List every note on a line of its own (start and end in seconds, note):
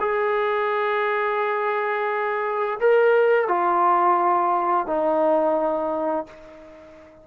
0.00 2.79 G#4
2.80 3.48 A#4
3.48 4.87 F4
4.87 6.26 D#4